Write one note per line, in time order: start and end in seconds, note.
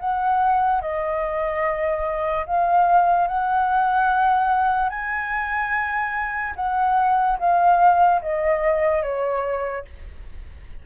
0.00 0.82 F#5
0.82 2.46 D#5
2.47 3.28 F5
3.28 4.90 F#5
4.90 6.54 G#5
6.56 7.39 F#5
7.39 8.22 F5
8.22 9.03 D#5
9.03 9.85 C#5